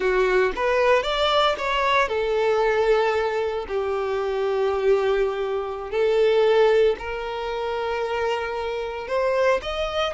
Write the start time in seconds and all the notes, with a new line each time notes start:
0.00 F#4
0.55 B4
1.02 D5
1.58 C#5
2.08 A4
3.67 G4
5.90 A4
6.99 A#4
9.07 C5
9.61 D#5